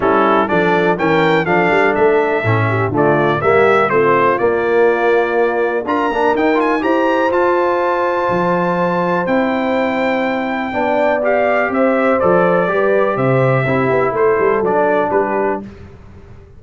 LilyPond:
<<
  \new Staff \with { instrumentName = "trumpet" } { \time 4/4 \tempo 4 = 123 a'4 d''4 g''4 f''4 | e''2 d''4 e''4 | c''4 d''2. | ais''4 g''8 gis''8 ais''4 a''4~ |
a''2. g''4~ | g''2. f''4 | e''4 d''2 e''4~ | e''4 c''4 d''4 b'4 | }
  \new Staff \with { instrumentName = "horn" } { \time 4/4 e'4 a'4 ais'4 a'4~ | a'4. g'8 f'4 g'4 | f'1 | ais'2 c''2~ |
c''1~ | c''2 d''2 | c''2 b'4 c''4 | g'4 a'2 g'4 | }
  \new Staff \with { instrumentName = "trombone" } { \time 4/4 cis'4 d'4 cis'4 d'4~ | d'4 cis'4 a4 ais4 | c'4 ais2. | f'8 d'8 dis'8 f'8 g'4 f'4~ |
f'2. e'4~ | e'2 d'4 g'4~ | g'4 a'4 g'2 | e'2 d'2 | }
  \new Staff \with { instrumentName = "tuba" } { \time 4/4 g4 f4 e4 f8 g8 | a4 a,4 d4 g4 | a4 ais2. | d'8 ais8 dis'4 e'4 f'4~ |
f'4 f2 c'4~ | c'2 b2 | c'4 f4 g4 c4 | c'8 b8 a8 g8 fis4 g4 | }
>>